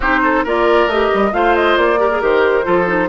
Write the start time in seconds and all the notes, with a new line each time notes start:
0.00 C4 D#4 G4 C5
0.23 A4
0.44 A#3 F4 A#4 D5
0.86 A3 G4 D#5
1.13 G3
1.32 A3 F4 C5 F5
1.55 D#5
1.76 A#3 D5
1.98 G4 A#4
2.11 G#4
2.21 D#3 G4 C5
2.63 F3 F4 A4
2.86 D#4